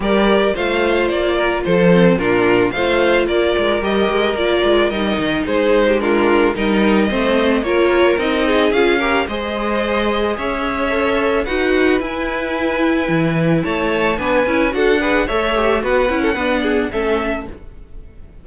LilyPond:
<<
  \new Staff \with { instrumentName = "violin" } { \time 4/4 \tempo 4 = 110 d''4 f''4 d''4 c''4 | ais'4 f''4 d''4 dis''4 | d''4 dis''4 c''4 ais'4 | dis''2 cis''4 dis''4 |
f''4 dis''2 e''4~ | e''4 fis''4 gis''2~ | gis''4 a''4 gis''4 fis''4 | e''4 fis''2 e''4 | }
  \new Staff \with { instrumentName = "violin" } { \time 4/4 ais'4 c''4. ais'8 a'4 | f'4 c''4 ais'2~ | ais'2 gis'8. g'16 f'4 | ais'4 c''4 ais'4. gis'8~ |
gis'8 ais'8 c''2 cis''4~ | cis''4 b'2.~ | b'4 cis''4 b'4 a'8 b'8 | cis''4 b'8. a'16 b'8 gis'8 a'4 | }
  \new Staff \with { instrumentName = "viola" } { \time 4/4 g'4 f'2~ f'8 c'8 | d'4 f'2 g'4 | f'4 dis'2 d'4 | dis'4 c'4 f'4 dis'4 |
f'8 g'8 gis'2. | a'4 fis'4 e'2~ | e'2 d'8 e'8 fis'8 gis'8 | a'8 g'8 fis'8 e'8 b4 cis'4 | }
  \new Staff \with { instrumentName = "cello" } { \time 4/4 g4 a4 ais4 f4 | ais,4 a4 ais8 gis8 g8 gis8 | ais8 gis8 g8 dis8 gis2 | g4 a4 ais4 c'4 |
cis'4 gis2 cis'4~ | cis'4 dis'4 e'2 | e4 a4 b8 cis'8 d'4 | a4 b8 cis'8 d'4 a4 | }
>>